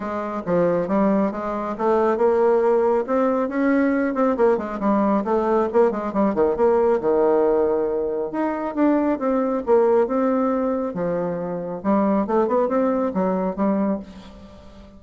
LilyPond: \new Staff \with { instrumentName = "bassoon" } { \time 4/4 \tempo 4 = 137 gis4 f4 g4 gis4 | a4 ais2 c'4 | cis'4. c'8 ais8 gis8 g4 | a4 ais8 gis8 g8 dis8 ais4 |
dis2. dis'4 | d'4 c'4 ais4 c'4~ | c'4 f2 g4 | a8 b8 c'4 fis4 g4 | }